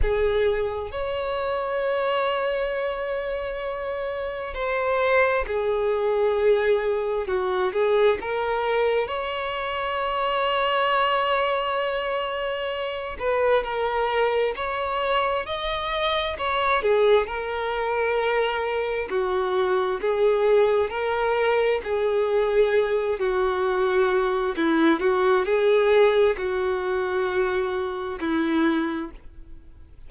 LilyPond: \new Staff \with { instrumentName = "violin" } { \time 4/4 \tempo 4 = 66 gis'4 cis''2.~ | cis''4 c''4 gis'2 | fis'8 gis'8 ais'4 cis''2~ | cis''2~ cis''8 b'8 ais'4 |
cis''4 dis''4 cis''8 gis'8 ais'4~ | ais'4 fis'4 gis'4 ais'4 | gis'4. fis'4. e'8 fis'8 | gis'4 fis'2 e'4 | }